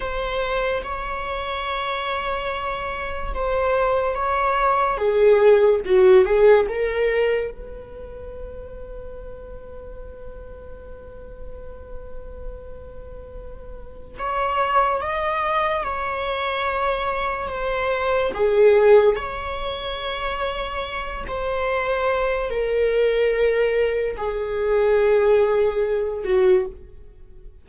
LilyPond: \new Staff \with { instrumentName = "viola" } { \time 4/4 \tempo 4 = 72 c''4 cis''2. | c''4 cis''4 gis'4 fis'8 gis'8 | ais'4 b'2.~ | b'1~ |
b'4 cis''4 dis''4 cis''4~ | cis''4 c''4 gis'4 cis''4~ | cis''4. c''4. ais'4~ | ais'4 gis'2~ gis'8 fis'8 | }